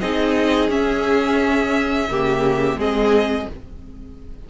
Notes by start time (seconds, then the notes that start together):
0.00 C4 D#4 G#4 D#5
0.69 C#4 E5
2.09 C#3 A#3 G4
2.76 G#3 C4 G#4 D#5